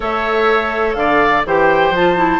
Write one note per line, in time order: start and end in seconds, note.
0.00 0.95 A3
0.00 1.44 A4
0.00 0.96 C#5
0.00 0.94 E5
0.94 1.43 D3
0.94 1.46 D5
0.94 1.42 F5
1.45 1.90 E3
1.45 1.95 G4
1.45 2.40 C5
1.45 1.95 G5
1.90 2.38 F3
1.90 2.16 F4
1.90 2.40 A5
2.16 2.40 E4